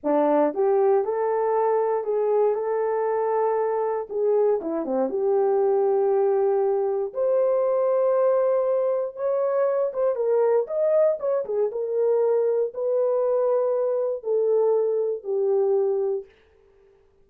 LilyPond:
\new Staff \with { instrumentName = "horn" } { \time 4/4 \tempo 4 = 118 d'4 g'4 a'2 | gis'4 a'2. | gis'4 e'8 c'8 g'2~ | g'2 c''2~ |
c''2 cis''4. c''8 | ais'4 dis''4 cis''8 gis'8 ais'4~ | ais'4 b'2. | a'2 g'2 | }